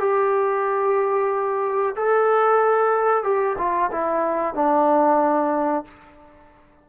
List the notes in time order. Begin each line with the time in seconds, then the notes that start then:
0.00 G4
1.97 A4
3.24 G4
3.58 F4
3.92 E4
4.55 D4